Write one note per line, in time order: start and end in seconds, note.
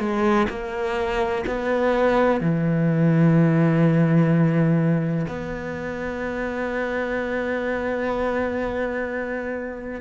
0.00 0.48 G#3
0.50 1.45 A#3
1.47 2.41 B3
2.41 5.27 E3
5.28 10.02 B3